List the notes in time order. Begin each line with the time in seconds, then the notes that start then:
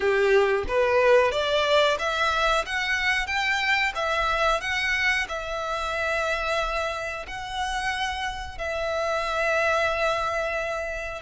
0.00 G4
0.68 B4
1.31 D5
1.98 E5
2.66 F#5
3.26 G5
3.95 E5
4.61 F#5
5.28 E5
7.27 F#5
8.57 E5